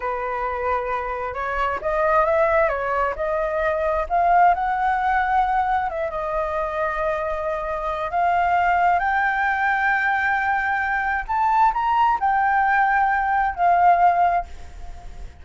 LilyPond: \new Staff \with { instrumentName = "flute" } { \time 4/4 \tempo 4 = 133 b'2. cis''4 | dis''4 e''4 cis''4 dis''4~ | dis''4 f''4 fis''2~ | fis''4 e''8 dis''2~ dis''8~ |
dis''2 f''2 | g''1~ | g''4 a''4 ais''4 g''4~ | g''2 f''2 | }